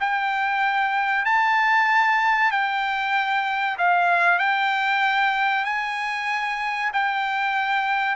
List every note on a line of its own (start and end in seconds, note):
0.00 1.25 G5
1.25 2.51 A5
2.51 3.77 G5
3.78 4.39 F5
4.39 5.65 G5
5.65 6.91 G#5
6.93 8.15 G5